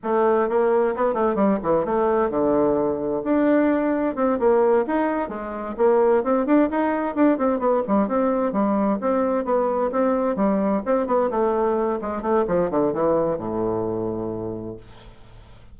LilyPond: \new Staff \with { instrumentName = "bassoon" } { \time 4/4 \tempo 4 = 130 a4 ais4 b8 a8 g8 e8 | a4 d2 d'4~ | d'4 c'8 ais4 dis'4 gis8~ | gis8 ais4 c'8 d'8 dis'4 d'8 |
c'8 b8 g8 c'4 g4 c'8~ | c'8 b4 c'4 g4 c'8 | b8 a4. gis8 a8 f8 d8 | e4 a,2. | }